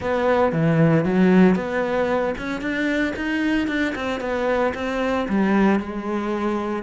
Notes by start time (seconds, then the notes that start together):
0.00 B3
0.52 E3
1.04 F#3
1.55 B3
2.38 C#4
2.61 D4
3.16 D#4
3.67 D4
3.95 C4
4.20 B3
4.74 C4
5.28 G3
5.79 G#3